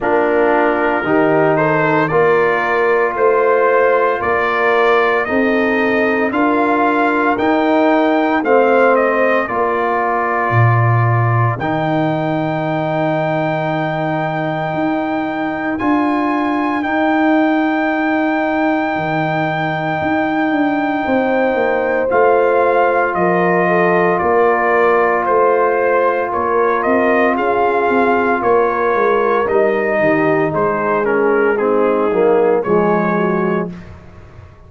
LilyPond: <<
  \new Staff \with { instrumentName = "trumpet" } { \time 4/4 \tempo 4 = 57 ais'4. c''8 d''4 c''4 | d''4 dis''4 f''4 g''4 | f''8 dis''8 d''2 g''4~ | g''2. gis''4 |
g''1~ | g''4 f''4 dis''4 d''4 | c''4 cis''8 dis''8 f''4 cis''4 | dis''4 c''8 ais'8 gis'4 cis''4 | }
  \new Staff \with { instrumentName = "horn" } { \time 4/4 f'4 g'8 a'8 ais'4 c''4 | ais'4 a'4 ais'2 | c''4 ais'2.~ | ais'1~ |
ais'1 | c''2 ais'8 a'8 ais'4 | c''4 ais'4 gis'4 ais'4~ | ais'8 g'8 gis'4 dis'4 gis'8 fis'8 | }
  \new Staff \with { instrumentName = "trombone" } { \time 4/4 d'4 dis'4 f'2~ | f'4 dis'4 f'4 dis'4 | c'4 f'2 dis'4~ | dis'2. f'4 |
dis'1~ | dis'4 f'2.~ | f'1 | dis'4. cis'8 c'8 ais8 gis4 | }
  \new Staff \with { instrumentName = "tuba" } { \time 4/4 ais4 dis4 ais4 a4 | ais4 c'4 d'4 dis'4 | a4 ais4 ais,4 dis4~ | dis2 dis'4 d'4 |
dis'2 dis4 dis'8 d'8 | c'8 ais8 a4 f4 ais4 | a4 ais8 c'8 cis'8 c'8 ais8 gis8 | g8 dis8 gis4. fis8 f4 | }
>>